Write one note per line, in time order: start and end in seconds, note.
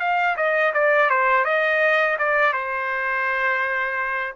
0.00 0.36 F5
0.37 0.73 D#5
0.74 1.10 D5
1.10 1.45 C5
1.45 2.17 D#5
2.19 2.53 D5
2.53 4.34 C5